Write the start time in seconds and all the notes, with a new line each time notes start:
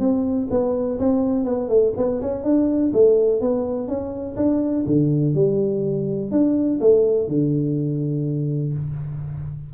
0.00 C4
0.51 B3
0.99 C4
1.45 B3
1.69 A3
1.97 B3
2.22 C#4
2.44 D4
2.93 A3
3.41 B3
3.88 C#4
4.37 D4
4.87 D3
5.35 G3
6.31 D4
6.81 A3
7.28 D3